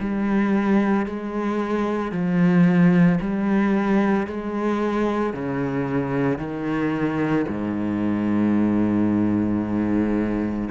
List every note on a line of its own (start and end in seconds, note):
0.00 1.06 G3
1.06 2.11 G#3
2.11 3.19 F3
3.21 4.27 G3
4.27 5.33 G#3
5.33 6.38 C#3
6.38 7.46 D#3
7.48 10.69 G#2